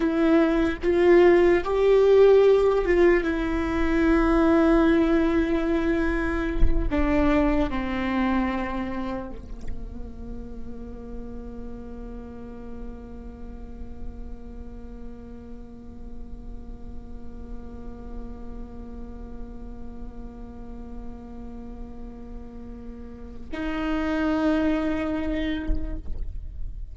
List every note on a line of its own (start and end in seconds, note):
0.00 0.77 E4
0.82 1.63 F4
1.64 2.85 G4
2.85 3.23 F4
3.23 6.88 E4
6.90 7.70 D4
7.70 9.30 C4
9.30 23.49 A#3
23.52 25.95 D#4